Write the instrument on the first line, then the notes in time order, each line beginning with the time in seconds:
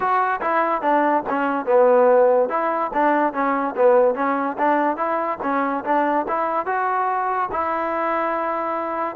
trombone
0.00 F#4
0.41 E4
0.81 D4
1.29 C#4
1.65 B3
2.49 E4
2.93 D4
3.33 C#4
3.76 B3
4.14 C#4
4.58 D4
4.97 E4
5.42 C#4
5.84 D4
6.28 E4
6.66 F#4
7.51 E4